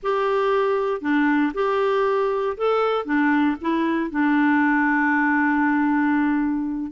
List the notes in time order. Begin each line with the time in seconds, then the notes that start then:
0.03 G4
1.01 D4
1.54 G4
2.57 A4
3.05 D4
3.61 E4
4.10 D4